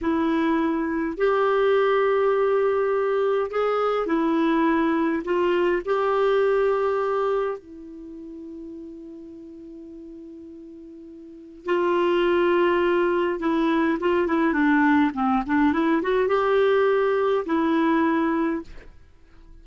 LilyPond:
\new Staff \with { instrumentName = "clarinet" } { \time 4/4 \tempo 4 = 103 e'2 g'2~ | g'2 gis'4 e'4~ | e'4 f'4 g'2~ | g'4 e'2.~ |
e'1 | f'2. e'4 | f'8 e'8 d'4 c'8 d'8 e'8 fis'8 | g'2 e'2 | }